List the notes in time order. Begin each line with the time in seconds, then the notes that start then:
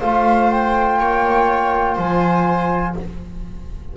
0.00 A3 F4 C5 F5
0.50 G5
1.00 A#3 C#5
1.94 F3 C5 G#5